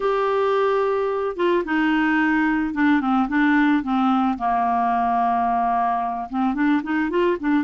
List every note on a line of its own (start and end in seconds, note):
0.00 1.36 G4
1.36 1.63 F4
1.64 2.73 D#4
2.73 3.00 D4
3.00 3.28 C4
3.28 3.83 D4
3.83 4.37 C4
4.38 6.29 A#3
6.29 6.54 C4
6.54 6.81 D4
6.83 7.10 D#4
7.10 7.37 F4
7.40 7.64 D4